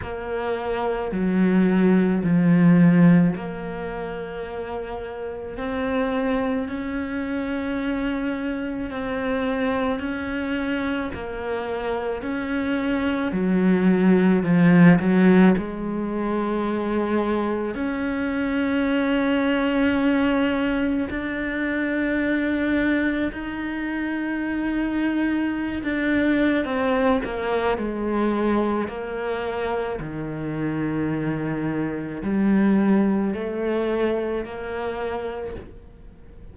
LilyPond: \new Staff \with { instrumentName = "cello" } { \time 4/4 \tempo 4 = 54 ais4 fis4 f4 ais4~ | ais4 c'4 cis'2 | c'4 cis'4 ais4 cis'4 | fis4 f8 fis8 gis2 |
cis'2. d'4~ | d'4 dis'2~ dis'16 d'8. | c'8 ais8 gis4 ais4 dis4~ | dis4 g4 a4 ais4 | }